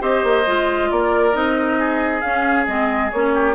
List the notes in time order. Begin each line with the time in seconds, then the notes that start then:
0.00 C4 G4 C5 D#5
0.23 A#3
0.46 G#3 F4
0.91 A#3 A#4 D5
1.32 C4 D#4 D#5
1.79 G#4
2.21 C#4 F5
2.66 G#3 C4 D#5
3.11 A#3 C#4 C#5
3.34 G4